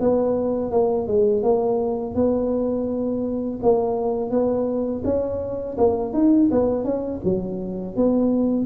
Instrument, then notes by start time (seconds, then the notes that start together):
tuba
0.00 B3
0.71 A#3
1.07 G#3
1.43 A#3
2.15 B3
3.62 A#3
4.30 B3
5.05 C#4
5.78 A#3
6.13 D#4
6.51 B3
6.84 C#4
7.24 F#3
7.96 B3